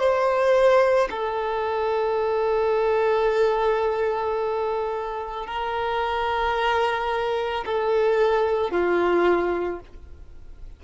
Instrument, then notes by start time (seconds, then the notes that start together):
violin
0.00 C5
1.11 A4
5.47 A#4
7.66 A4
8.71 F4